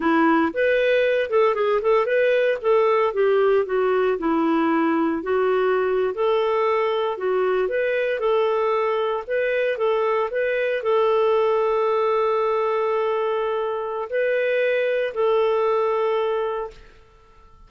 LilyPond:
\new Staff \with { instrumentName = "clarinet" } { \time 4/4 \tempo 4 = 115 e'4 b'4. a'8 gis'8 a'8 | b'4 a'4 g'4 fis'4 | e'2 fis'4.~ fis'16 a'16~ | a'4.~ a'16 fis'4 b'4 a'16~ |
a'4.~ a'16 b'4 a'4 b'16~ | b'8. a'2.~ a'16~ | a'2. b'4~ | b'4 a'2. | }